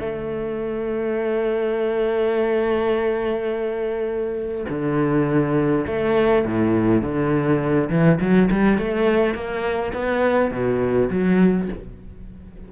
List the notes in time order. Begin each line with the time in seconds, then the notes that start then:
0.00 A3
4.69 D3
5.87 A3
6.45 A2
7.02 D3
7.90 E3
8.21 F#3
8.51 G3
8.78 A3
9.35 A#3
9.93 B3
10.51 B2
11.10 F#3